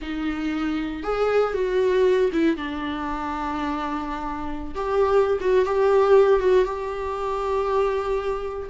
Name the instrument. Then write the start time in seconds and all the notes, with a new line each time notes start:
viola
0.01 D#4
1.03 G#4
1.53 F#4
2.32 E4
2.56 D4
4.74 G4
5.40 F#4
5.65 G4
6.39 F#4
6.64 G4